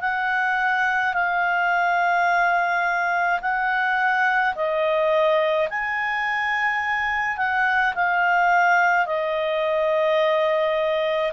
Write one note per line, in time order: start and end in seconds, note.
0.00 1.13 F#5
1.14 3.40 F5
3.41 4.54 F#5
4.55 5.68 D#5
5.70 7.37 G#5
7.37 7.93 F#5
7.95 9.06 F5
9.06 11.32 D#5